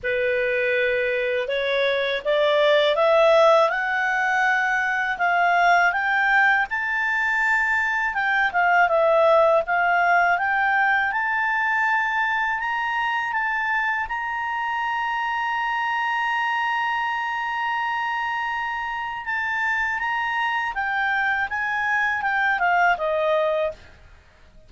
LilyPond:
\new Staff \with { instrumentName = "clarinet" } { \time 4/4 \tempo 4 = 81 b'2 cis''4 d''4 | e''4 fis''2 f''4 | g''4 a''2 g''8 f''8 | e''4 f''4 g''4 a''4~ |
a''4 ais''4 a''4 ais''4~ | ais''1~ | ais''2 a''4 ais''4 | g''4 gis''4 g''8 f''8 dis''4 | }